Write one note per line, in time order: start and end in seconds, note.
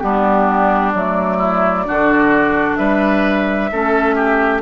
0.00 0.95 G3
0.00 0.93 B3
0.00 1.38 D4
0.00 0.92 G4
0.95 1.87 F#3
0.95 1.86 A3
0.95 2.77 D5
1.38 1.84 E4
1.86 2.78 D3
1.86 3.70 D4
1.86 2.78 F#4
2.77 3.71 G3
2.77 3.70 B4
2.77 4.61 E5
3.72 4.62 A3
3.72 4.62 C#4
3.72 4.16 A4
4.16 4.62 G4